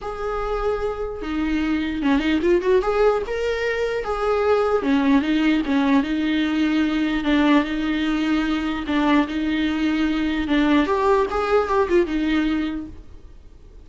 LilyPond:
\new Staff \with { instrumentName = "viola" } { \time 4/4 \tempo 4 = 149 gis'2. dis'4~ | dis'4 cis'8 dis'8 f'8 fis'8 gis'4 | ais'2 gis'2 | cis'4 dis'4 cis'4 dis'4~ |
dis'2 d'4 dis'4~ | dis'2 d'4 dis'4~ | dis'2 d'4 g'4 | gis'4 g'8 f'8 dis'2 | }